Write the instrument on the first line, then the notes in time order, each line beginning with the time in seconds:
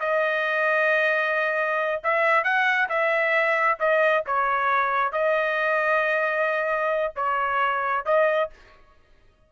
trumpet
0.00 D#5
2.04 E5
2.44 F#5
2.89 E5
3.80 D#5
4.26 C#5
5.13 D#5
7.16 C#5
8.06 D#5